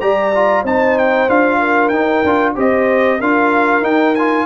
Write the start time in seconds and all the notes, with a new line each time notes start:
0.00 G3 G4 D5 A#5
0.34 F4
0.62 C4 D#4 C5 A5
0.98 G5
1.28 D4 F4 F5
1.59 A#4
1.88 D#4 G5
2.24 D4 F4
2.55 C4 G4 C5 D#5
3.19 D4 F4 A#4 F5
3.82 D#4 G5
4.15 F4 G#5